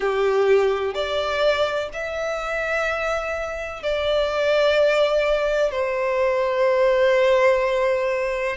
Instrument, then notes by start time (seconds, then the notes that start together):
violin
0.00 G4
0.94 D5
1.93 E5
3.82 D5
5.71 C5